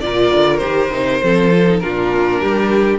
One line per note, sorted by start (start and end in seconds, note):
0.00 0.32 A#2
0.00 0.60 F4
0.00 1.23 A#4
0.00 0.58 D5
0.32 0.61 D3
0.58 0.91 D#3
0.58 0.90 G4
0.58 1.76 C5
0.91 1.20 C3
0.91 1.21 D#4
1.22 1.83 F3
1.22 1.51 C4
1.22 1.83 A4
1.51 1.66 F4
1.67 1.81 D#4
1.79 2.42 A#2
1.79 2.99 D4
1.79 2.40 F4
1.79 2.98 A#4
2.40 2.99 G3
2.40 2.99 G4